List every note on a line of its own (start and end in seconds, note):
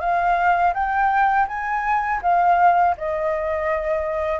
0.00 0.73 F5
0.74 1.47 G5
1.48 2.21 G#5
2.22 2.95 F5
2.97 4.40 D#5